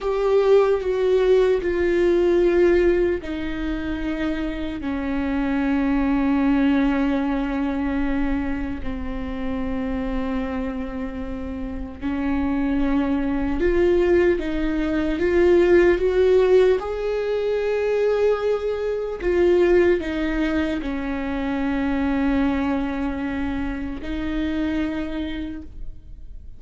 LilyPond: \new Staff \with { instrumentName = "viola" } { \time 4/4 \tempo 4 = 75 g'4 fis'4 f'2 | dis'2 cis'2~ | cis'2. c'4~ | c'2. cis'4~ |
cis'4 f'4 dis'4 f'4 | fis'4 gis'2. | f'4 dis'4 cis'2~ | cis'2 dis'2 | }